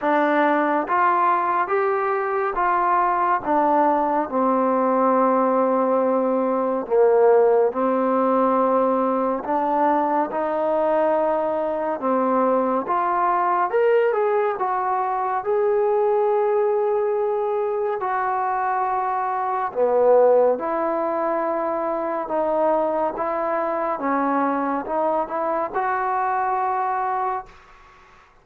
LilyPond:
\new Staff \with { instrumentName = "trombone" } { \time 4/4 \tempo 4 = 70 d'4 f'4 g'4 f'4 | d'4 c'2. | ais4 c'2 d'4 | dis'2 c'4 f'4 |
ais'8 gis'8 fis'4 gis'2~ | gis'4 fis'2 b4 | e'2 dis'4 e'4 | cis'4 dis'8 e'8 fis'2 | }